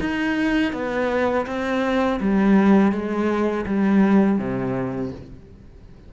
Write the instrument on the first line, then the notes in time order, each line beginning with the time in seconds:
cello
0.00 D#4
0.73 B3
1.46 C4
2.20 G3
2.92 G#3
3.66 G3
4.38 C3